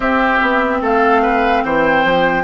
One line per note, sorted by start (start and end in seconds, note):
0.00 0.39 C4
0.00 2.43 C4
0.00 0.78 G4
0.00 0.82 E5
0.42 0.81 B3
0.81 1.63 A3
0.81 1.22 A4
0.81 1.63 F5
1.22 1.63 B4
1.63 2.04 E3
1.63 2.43 C5
1.63 2.43 G5
2.04 2.43 F3